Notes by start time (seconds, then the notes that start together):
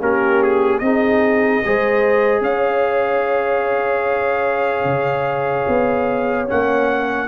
0.00 A#3 C#4 G4 A#4
0.43 G#4
0.79 C4 D#4 G#4 D#5
1.65 G#3 G#4 C5
2.41 C#4 C#5 F5
4.84 C#3
5.68 B3
6.47 A#3 C#4 F#5